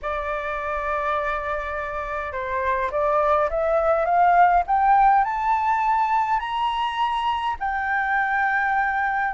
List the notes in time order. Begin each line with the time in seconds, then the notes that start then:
0.02 D5
2.32 C5
2.91 D5
3.50 E5
4.05 F5
4.66 G5
5.24 A5
6.39 A#5
7.59 G5